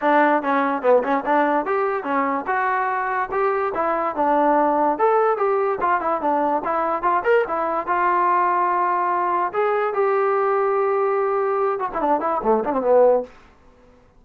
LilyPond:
\new Staff \with { instrumentName = "trombone" } { \time 4/4 \tempo 4 = 145 d'4 cis'4 b8 cis'8 d'4 | g'4 cis'4 fis'2 | g'4 e'4 d'2 | a'4 g'4 f'8 e'8 d'4 |
e'4 f'8 ais'8 e'4 f'4~ | f'2. gis'4 | g'1~ | g'8 fis'16 e'16 d'8 e'8 a8 d'16 c'16 b4 | }